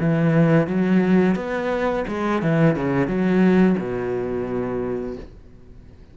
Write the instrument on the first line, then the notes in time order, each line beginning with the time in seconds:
cello
0.00 E3
0.67 F#3
1.35 B3
2.08 G#3
2.42 E3
2.76 C#3
3.07 F#3
3.78 B2